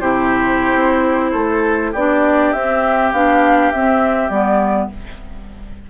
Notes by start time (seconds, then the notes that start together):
0.00 C3 E4 G4 C5
0.74 C4
1.31 A3 A4
1.92 B3 D4 G4 D5
2.52 C4 E5
3.12 B3 D4 F5
3.71 C4 E5
4.29 G3 B3 D5